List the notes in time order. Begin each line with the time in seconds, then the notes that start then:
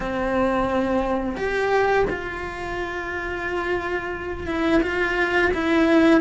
0.00 C4
1.36 G4
2.09 F4
4.47 E4
4.82 F4
5.53 E4